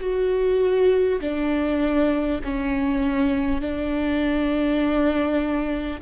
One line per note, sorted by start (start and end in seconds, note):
0.00 1.20 F#4
1.21 2.41 D4
2.44 3.61 C#4
3.61 6.01 D4